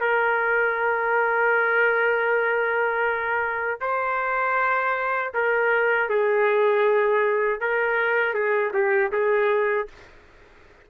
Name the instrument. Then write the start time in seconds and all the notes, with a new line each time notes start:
trumpet
0.00 A#4
3.80 C5
5.33 A#4
6.09 G#4
7.60 A#4
8.34 G#4
8.73 G4
9.12 G#4